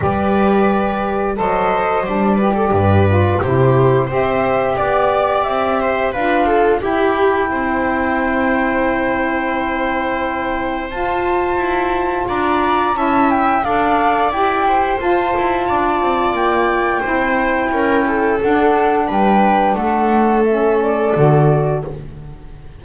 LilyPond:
<<
  \new Staff \with { instrumentName = "flute" } { \time 4/4 \tempo 4 = 88 d''2 dis''4 d''4~ | d''4 c''4 e''4 d''4 | e''4 f''4 g''2~ | g''1 |
a''2 ais''4 a''8 g''8 | f''4 g''4 a''2 | g''2. fis''4 | g''4 fis''4 e''8 d''4. | }
  \new Staff \with { instrumentName = "viola" } { \time 4/4 b'2 c''4. b'16 a'16 | b'4 g'4 c''4 d''4~ | d''8 c''8 b'8 a'8 g'4 c''4~ | c''1~ |
c''2 d''4 e''4 | d''4. c''4. d''4~ | d''4 c''4 ais'8 a'4. | b'4 a'2. | }
  \new Staff \with { instrumentName = "saxophone" } { \time 4/4 g'2 a'4 d'8 g'8~ | g'8 f'8 e'4 g'2~ | g'4 f'4 e'2~ | e'1 |
f'2. e'4 | a'4 g'4 f'2~ | f'4 e'2 d'4~ | d'2 cis'4 fis'4 | }
  \new Staff \with { instrumentName = "double bass" } { \time 4/4 g2 fis4 g4 | g,4 c4 c'4 b4 | c'4 d'4 e'4 c'4~ | c'1 |
f'4 e'4 d'4 cis'4 | d'4 e'4 f'8 e'8 d'8 c'8 | ais4 c'4 cis'4 d'4 | g4 a2 d4 | }
>>